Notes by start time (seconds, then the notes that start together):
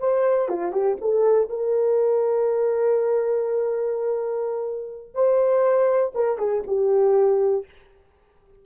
0.00 C5
0.49 F4
0.73 G4
1.01 A4
1.50 A#4
5.15 C5
6.15 A#4
6.38 G#4
6.68 G4